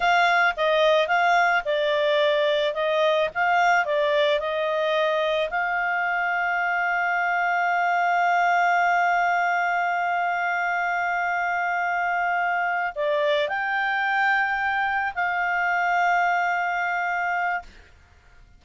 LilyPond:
\new Staff \with { instrumentName = "clarinet" } { \time 4/4 \tempo 4 = 109 f''4 dis''4 f''4 d''4~ | d''4 dis''4 f''4 d''4 | dis''2 f''2~ | f''1~ |
f''1~ | f''2.~ f''8 d''8~ | d''8 g''2. f''8~ | f''1 | }